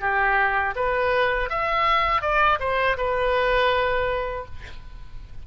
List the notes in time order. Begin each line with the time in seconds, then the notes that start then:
0.00 G4
0.75 B4
1.49 E5
2.21 D5
2.59 C5
2.97 B4